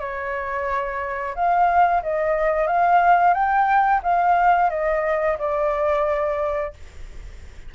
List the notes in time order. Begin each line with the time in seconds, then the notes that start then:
0.00 C#5
1.35 F5
2.03 D#5
2.67 F5
3.34 G5
4.03 F5
4.70 D#5
5.39 D5